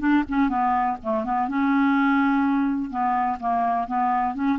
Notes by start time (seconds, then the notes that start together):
0.00 D4
0.29 C#4
0.50 B3
1.03 A3
1.25 B3
1.49 C#4
2.91 B3
3.40 A#3
3.88 B3
4.35 C#4